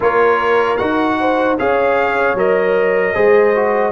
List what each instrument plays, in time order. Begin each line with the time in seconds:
0.00 tuba A#3, trombone F4, horn A#4, trumpet C#5
0.77 tuba D#4, trombone F#4, trumpet F#5
1.20 horn C5
1.58 tuba C#4, trombone G#4, horn C#5, trumpet F5
2.34 tuba F#3, trombone A#4, trumpet D#5
3.14 tuba G#3, trombone G#4, horn C5
3.54 trombone F#4